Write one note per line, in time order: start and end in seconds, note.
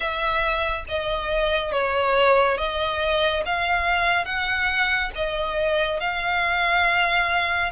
0.00 0.85 E5
0.88 1.72 D#5
1.72 2.57 C#5
2.57 3.43 D#5
3.45 4.25 F5
4.25 5.10 F#5
5.15 6.00 D#5
6.00 7.71 F5